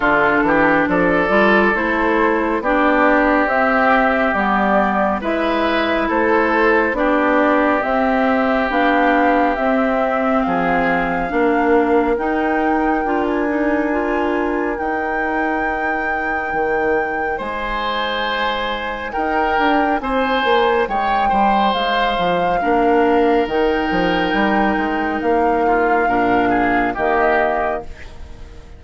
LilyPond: <<
  \new Staff \with { instrumentName = "flute" } { \time 4/4 \tempo 4 = 69 a'4 d''4 c''4 d''4 | e''4 d''4 e''4 c''4 | d''4 e''4 f''4 e''4 | f''2 g''4~ g''16 gis''8.~ |
gis''4 g''2. | gis''2 g''4 gis''4 | g''4 f''2 g''4~ | g''4 f''2 dis''4 | }
  \new Staff \with { instrumentName = "oboe" } { \time 4/4 f'8 g'8 a'2 g'4~ | g'2 b'4 a'4 | g'1 | gis'4 ais'2.~ |
ais'1 | c''2 ais'4 c''4 | cis''8 c''4. ais'2~ | ais'4. f'8 ais'8 gis'8 g'4 | }
  \new Staff \with { instrumentName = "clarinet" } { \time 4/4 d'4. f'8 e'4 d'4 | c'4 b4 e'2 | d'4 c'4 d'4 c'4~ | c'4 d'4 dis'4 f'8 dis'8 |
f'4 dis'2.~ | dis'1~ | dis'2 d'4 dis'4~ | dis'2 d'4 ais4 | }
  \new Staff \with { instrumentName = "bassoon" } { \time 4/4 d8 e8 f8 g8 a4 b4 | c'4 g4 gis4 a4 | b4 c'4 b4 c'4 | f4 ais4 dis'4 d'4~ |
d'4 dis'2 dis4 | gis2 dis'8 d'8 c'8 ais8 | gis8 g8 gis8 f8 ais4 dis8 f8 | g8 gis8 ais4 ais,4 dis4 | }
>>